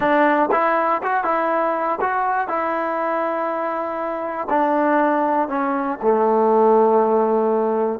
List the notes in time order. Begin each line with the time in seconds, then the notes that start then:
0.00 D4
0.51 E4
1.02 F#4
1.24 E4
2.00 F#4
2.48 E4
4.49 D4
5.48 C#4
6.01 A3